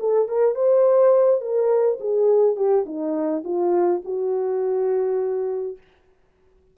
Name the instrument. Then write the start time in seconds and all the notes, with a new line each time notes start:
horn
0.00 A4
0.28 A#4
0.55 C5
1.41 A#4
2.00 G#4
2.56 G4
2.86 D#4
3.44 F4
4.05 F#4